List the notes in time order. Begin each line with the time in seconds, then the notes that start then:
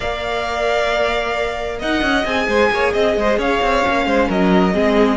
0.00 A#3 A#4 D5 F5
1.78 D#4 D#5 F#5
2.01 C#4
2.25 C4 G#4 G#5
2.47 G#3 C5
2.71 A#3 C#5
2.92 C4 D#5
3.16 G#3 C5
3.37 C#4 C#5 F5
3.62 C4
3.81 A#3 C#4
4.05 G#3 C5
4.28 F#3 A#4 D#5
4.73 G#3 C4 G#4